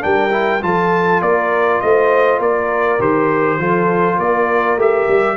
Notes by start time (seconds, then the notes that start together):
0.00 G3 D4 A#4 G5
0.31 E4
0.62 F3 F4 A4 A5
1.21 A#3 A#4 D5
1.81 A3 C5 D#5
2.39 A#3 A#4 D5
2.99 D#3 G4 C5
3.59 F3 F4 A4
4.18 A#3 A#4 D5
4.77 A3 G4 E5
5.08 G3